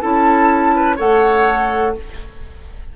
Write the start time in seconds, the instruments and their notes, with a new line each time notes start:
0.00 bassoon C#4, clarinet E4, oboe A4, flute A5
0.75 oboe B4
0.96 bassoon A3, clarinet A4, oboe C#5, flute F#5